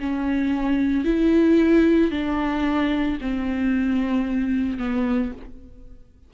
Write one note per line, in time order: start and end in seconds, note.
0.00 1.05 C#4
1.05 2.11 E4
2.11 3.19 D4
3.21 4.78 C4
4.78 5.32 B3